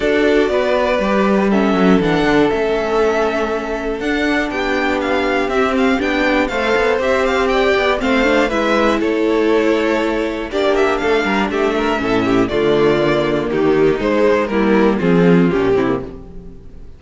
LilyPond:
<<
  \new Staff \with { instrumentName = "violin" } { \time 4/4 \tempo 4 = 120 d''2. e''4 | fis''4 e''2. | fis''4 g''4 f''4 e''8 f''8 | g''4 f''4 e''8 f''8 g''4 |
f''4 e''4 cis''2~ | cis''4 d''8 e''8 f''4 e''4~ | e''4 d''2 g'4 | c''4 ais'4 gis'4 g'4 | }
  \new Staff \with { instrumentName = "violin" } { \time 4/4 a'4 b'2 a'4~ | a'1~ | a'4 g'2.~ | g'4 c''2 d''4 |
c''4 b'4 a'2~ | a'4 g'4 a'8 ais'8 g'8 ais'8 | a'8 g'8 f'2 dis'4~ | dis'4 e'4 f'4. e'8 | }
  \new Staff \with { instrumentName = "viola" } { \time 4/4 fis'2 g'4 cis'4 | d'4 cis'2. | d'2. c'4 | d'4 a'4 g'2 |
c'8 d'8 e'2.~ | e'4 d'2. | cis'4 a4 ais2 | gis4 ais4 c'4 cis'8 c'16 ais16 | }
  \new Staff \with { instrumentName = "cello" } { \time 4/4 d'4 b4 g4. fis8 | e8 d8 a2. | d'4 b2 c'4 | b4 a8 b8 c'4. b8 |
a4 gis4 a2~ | a4 ais4 a8 g8 a4 | a,4 d2 dis4 | gis4 g4 f4 ais,8 c8 | }
>>